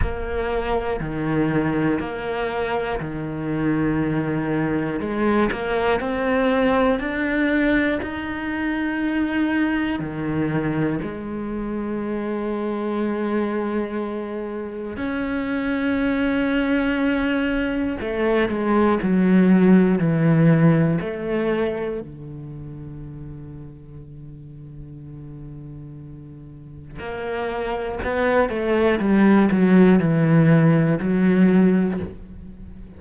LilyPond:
\new Staff \with { instrumentName = "cello" } { \time 4/4 \tempo 4 = 60 ais4 dis4 ais4 dis4~ | dis4 gis8 ais8 c'4 d'4 | dis'2 dis4 gis4~ | gis2. cis'4~ |
cis'2 a8 gis8 fis4 | e4 a4 d2~ | d2. ais4 | b8 a8 g8 fis8 e4 fis4 | }